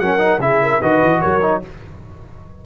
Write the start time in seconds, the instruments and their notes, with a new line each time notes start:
0.00 tuba F#3, trombone C#4, horn A#4, trumpet F#5
0.19 trombone D#4
0.39 tuba C#3, trombone E4, horn G#4, trumpet E5
0.63 horn A#4
0.82 tuba D#3, trombone F#4, horn B4, trumpet D#5
1.03 tuba E3
1.22 tuba F#3, horn A#4, trumpet C#5
1.42 trombone D#4